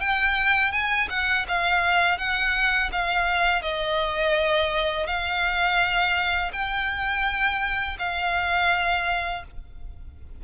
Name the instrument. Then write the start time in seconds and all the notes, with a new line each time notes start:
violin
0.00 G5
0.72 G#5
1.10 F#5
1.48 F5
2.18 F#5
2.92 F5
3.62 D#5
5.07 F5
6.53 G5
7.99 F5